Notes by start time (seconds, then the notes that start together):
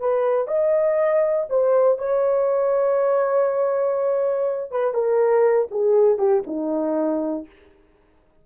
0.00 B4
0.48 D#5
1.50 C5
1.98 C#5
4.72 B4
4.94 A#4
5.71 G#4
6.18 G4
6.47 D#4